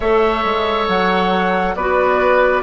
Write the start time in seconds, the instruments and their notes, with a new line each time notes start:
0.00 bassoon A3, clarinet A4, oboe C#5, flute E5
0.44 bassoon G#3
0.88 bassoon F#3, flute F#5
1.75 bassoon B3, clarinet F#4, oboe B4, flute D5